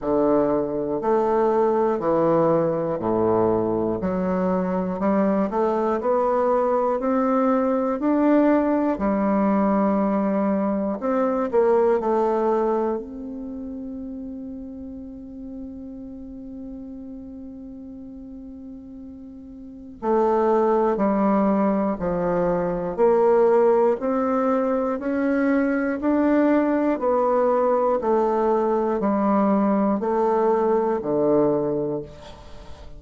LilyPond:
\new Staff \with { instrumentName = "bassoon" } { \time 4/4 \tempo 4 = 60 d4 a4 e4 a,4 | fis4 g8 a8 b4 c'4 | d'4 g2 c'8 ais8 | a4 c'2.~ |
c'1 | a4 g4 f4 ais4 | c'4 cis'4 d'4 b4 | a4 g4 a4 d4 | }